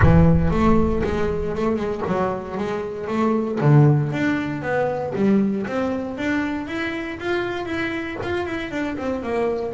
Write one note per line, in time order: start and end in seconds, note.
0.02 0.51 E3
0.51 1.02 A3
1.03 1.55 G#3
1.55 1.76 A3
1.76 2.01 G#3
2.07 2.57 F#3
2.57 3.07 G#3
3.07 3.58 A3
3.61 4.12 D3
4.12 4.62 D4
4.62 5.13 B3
5.15 5.66 G3
5.66 6.17 C4
6.17 6.67 D4
6.67 7.18 E4
7.19 7.65 F4
7.65 8.17 E4
8.22 8.45 F4
8.45 8.71 E4
8.71 8.97 D4
8.97 9.22 C4
9.22 9.73 A#3